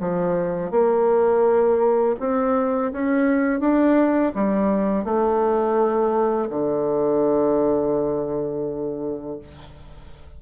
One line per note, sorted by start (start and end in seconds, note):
0.00 0.71 F3
0.71 2.15 A#3
2.19 2.92 C4
2.92 3.60 C#4
3.60 4.32 D4
4.35 5.04 G3
5.04 6.49 A3
6.50 9.39 D3